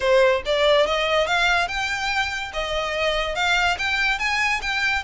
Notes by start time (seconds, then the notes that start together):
0.00 C5
0.45 D5
0.86 D#5
1.26 F5
1.68 G5
2.53 D#5
3.35 F5
3.78 G5
4.18 G#5
4.61 G5